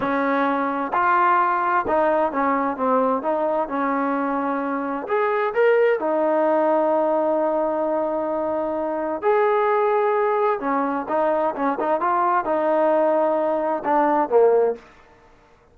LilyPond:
\new Staff \with { instrumentName = "trombone" } { \time 4/4 \tempo 4 = 130 cis'2 f'2 | dis'4 cis'4 c'4 dis'4 | cis'2. gis'4 | ais'4 dis'2.~ |
dis'1 | gis'2. cis'4 | dis'4 cis'8 dis'8 f'4 dis'4~ | dis'2 d'4 ais4 | }